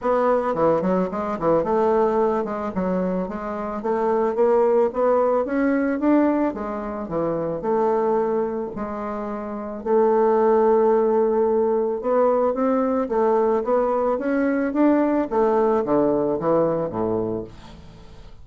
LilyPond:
\new Staff \with { instrumentName = "bassoon" } { \time 4/4 \tempo 4 = 110 b4 e8 fis8 gis8 e8 a4~ | a8 gis8 fis4 gis4 a4 | ais4 b4 cis'4 d'4 | gis4 e4 a2 |
gis2 a2~ | a2 b4 c'4 | a4 b4 cis'4 d'4 | a4 d4 e4 a,4 | }